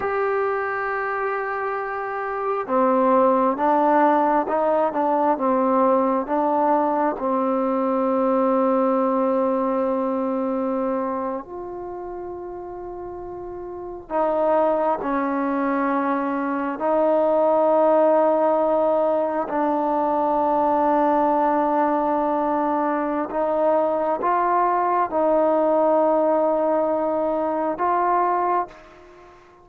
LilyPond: \new Staff \with { instrumentName = "trombone" } { \time 4/4 \tempo 4 = 67 g'2. c'4 | d'4 dis'8 d'8 c'4 d'4 | c'1~ | c'8. f'2. dis'16~ |
dis'8. cis'2 dis'4~ dis'16~ | dis'4.~ dis'16 d'2~ d'16~ | d'2 dis'4 f'4 | dis'2. f'4 | }